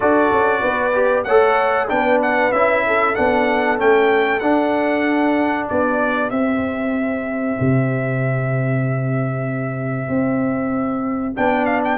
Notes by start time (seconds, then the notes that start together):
0.00 D4 F#4 A4 D5
0.31 C#4
0.61 B3 B4
0.93 G4
1.23 A3 A4 C#5 F#5
1.88 B3 D4 B4 G5
2.21 F#5
2.52 C#4 E4 E5
2.87 A4
3.15 B3 D4 F#5
3.77 A3 C#4 G5
4.39 D4 F#5
5.68 B3 G4 D5
6.29 C4 E5
7.60 C3
10.08 C4
11.36 B3 D4 G5
11.65 F5
11.84 G5